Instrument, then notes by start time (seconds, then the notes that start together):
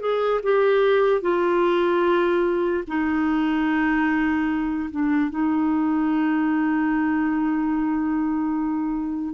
clarinet
0.00 G#4
0.43 G4
1.21 F4
2.87 D#4
4.91 D4
5.30 D#4